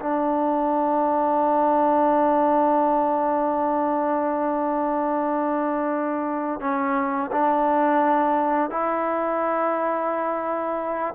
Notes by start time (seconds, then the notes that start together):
0.00 D4
6.61 C#4
7.32 D4
8.71 E4